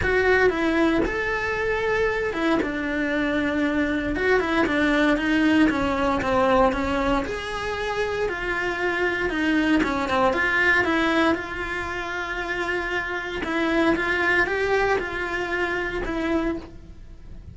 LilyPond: \new Staff \with { instrumentName = "cello" } { \time 4/4 \tempo 4 = 116 fis'4 e'4 a'2~ | a'8 e'8 d'2. | fis'8 e'8 d'4 dis'4 cis'4 | c'4 cis'4 gis'2 |
f'2 dis'4 cis'8 c'8 | f'4 e'4 f'2~ | f'2 e'4 f'4 | g'4 f'2 e'4 | }